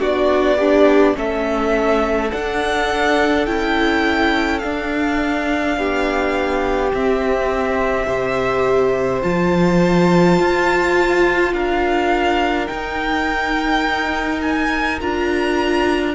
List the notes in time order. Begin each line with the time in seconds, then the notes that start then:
0.00 B3 D4 F#4 D5
0.57 D4 G4
1.14 A3 C#4 A4 E5
2.31 D4 F#5
3.46 C#4 E4 G5
4.59 D4 F5
5.77 B3 G4
6.94 C4 E5
8.07 C3 G4 C5
9.22 F3 F4 A5
10.39 F4
11.53 D4 A#4 F5
12.68 D#4 G5
14.42 G#5
15.00 D4 F4 A#5